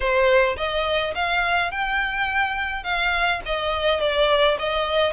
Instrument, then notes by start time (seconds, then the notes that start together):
violin
0.00 C5
0.56 D#5
1.14 F5
1.71 G5
2.83 F5
3.45 D#5
4.00 D5
4.58 D#5